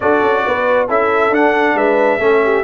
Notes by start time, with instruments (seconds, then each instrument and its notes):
0.00 tuba D4, trombone F#4, horn A4, trumpet D5
0.21 tuba C#4
0.45 tuba B3, horn B4
0.88 tuba C#4, trombone E4, horn A4, trumpet E5
1.30 tuba D4, trombone D4, trumpet F#5
1.74 tuba G#3, horn B4, trumpet E5
2.19 tuba A3, trombone C#4, horn A4
2.43 horn G4